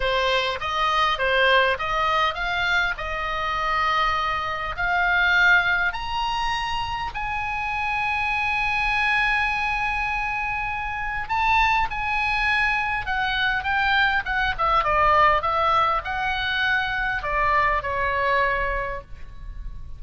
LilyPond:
\new Staff \with { instrumentName = "oboe" } { \time 4/4 \tempo 4 = 101 c''4 dis''4 c''4 dis''4 | f''4 dis''2. | f''2 ais''2 | gis''1~ |
gis''2. a''4 | gis''2 fis''4 g''4 | fis''8 e''8 d''4 e''4 fis''4~ | fis''4 d''4 cis''2 | }